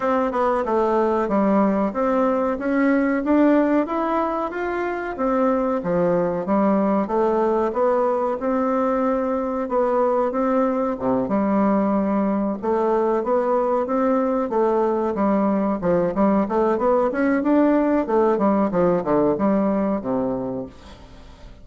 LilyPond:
\new Staff \with { instrumentName = "bassoon" } { \time 4/4 \tempo 4 = 93 c'8 b8 a4 g4 c'4 | cis'4 d'4 e'4 f'4 | c'4 f4 g4 a4 | b4 c'2 b4 |
c'4 c8 g2 a8~ | a8 b4 c'4 a4 g8~ | g8 f8 g8 a8 b8 cis'8 d'4 | a8 g8 f8 d8 g4 c4 | }